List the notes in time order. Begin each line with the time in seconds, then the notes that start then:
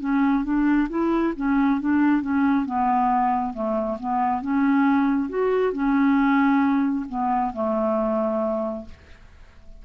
0.00 C#4
0.44 D4
0.89 E4
1.36 C#4
1.80 D4
2.22 C#4
2.66 B3
3.53 A3
4.00 B3
4.42 C#4
5.29 F#4
5.73 C#4
7.09 B3
7.53 A3